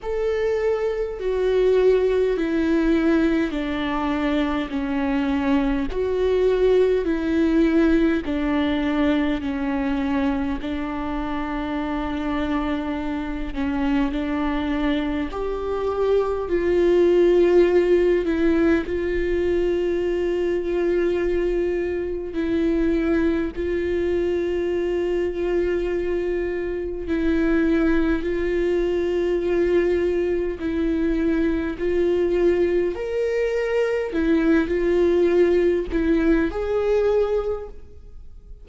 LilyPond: \new Staff \with { instrumentName = "viola" } { \time 4/4 \tempo 4 = 51 a'4 fis'4 e'4 d'4 | cis'4 fis'4 e'4 d'4 | cis'4 d'2~ d'8 cis'8 | d'4 g'4 f'4. e'8 |
f'2. e'4 | f'2. e'4 | f'2 e'4 f'4 | ais'4 e'8 f'4 e'8 gis'4 | }